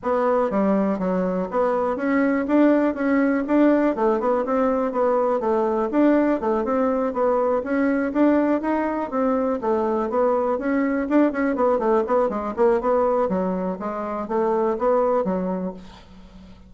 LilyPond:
\new Staff \with { instrumentName = "bassoon" } { \time 4/4 \tempo 4 = 122 b4 g4 fis4 b4 | cis'4 d'4 cis'4 d'4 | a8 b8 c'4 b4 a4 | d'4 a8 c'4 b4 cis'8~ |
cis'8 d'4 dis'4 c'4 a8~ | a8 b4 cis'4 d'8 cis'8 b8 | a8 b8 gis8 ais8 b4 fis4 | gis4 a4 b4 fis4 | }